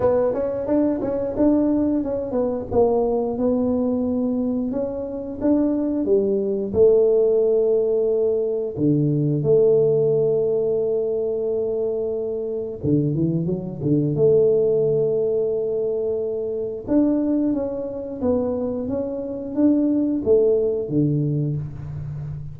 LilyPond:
\new Staff \with { instrumentName = "tuba" } { \time 4/4 \tempo 4 = 89 b8 cis'8 d'8 cis'8 d'4 cis'8 b8 | ais4 b2 cis'4 | d'4 g4 a2~ | a4 d4 a2~ |
a2. d8 e8 | fis8 d8 a2.~ | a4 d'4 cis'4 b4 | cis'4 d'4 a4 d4 | }